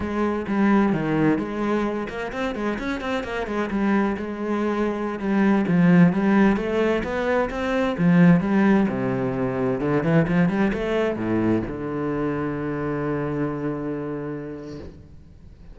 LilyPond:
\new Staff \with { instrumentName = "cello" } { \time 4/4 \tempo 4 = 130 gis4 g4 dis4 gis4~ | gis8 ais8 c'8 gis8 cis'8 c'8 ais8 gis8 | g4 gis2~ gis16 g8.~ | g16 f4 g4 a4 b8.~ |
b16 c'4 f4 g4 c8.~ | c4~ c16 d8 e8 f8 g8 a8.~ | a16 a,4 d2~ d8.~ | d1 | }